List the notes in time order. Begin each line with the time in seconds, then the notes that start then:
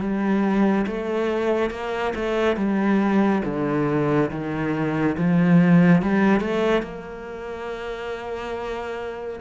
0.00 G3
0.86 A3
1.71 A#3
2.15 A3
2.56 G3
3.45 D3
4.31 D#3
5.18 F3
6.02 G3
6.41 A3
6.82 A#3